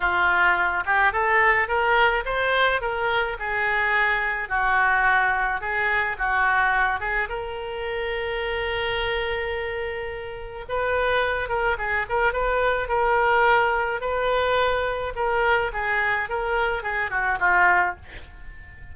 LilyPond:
\new Staff \with { instrumentName = "oboe" } { \time 4/4 \tempo 4 = 107 f'4. g'8 a'4 ais'4 | c''4 ais'4 gis'2 | fis'2 gis'4 fis'4~ | fis'8 gis'8 ais'2.~ |
ais'2. b'4~ | b'8 ais'8 gis'8 ais'8 b'4 ais'4~ | ais'4 b'2 ais'4 | gis'4 ais'4 gis'8 fis'8 f'4 | }